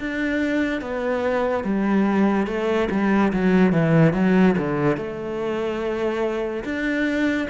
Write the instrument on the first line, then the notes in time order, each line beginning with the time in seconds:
cello
0.00 D4
0.81 B3
1.64 G3
2.47 A3
2.91 G3
3.33 F#3
3.73 E3
4.14 F#3
4.58 D3
4.97 A3
6.65 D4